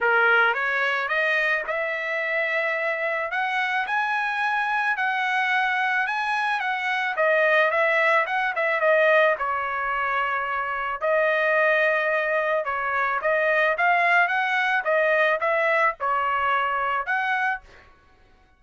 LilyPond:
\new Staff \with { instrumentName = "trumpet" } { \time 4/4 \tempo 4 = 109 ais'4 cis''4 dis''4 e''4~ | e''2 fis''4 gis''4~ | gis''4 fis''2 gis''4 | fis''4 dis''4 e''4 fis''8 e''8 |
dis''4 cis''2. | dis''2. cis''4 | dis''4 f''4 fis''4 dis''4 | e''4 cis''2 fis''4 | }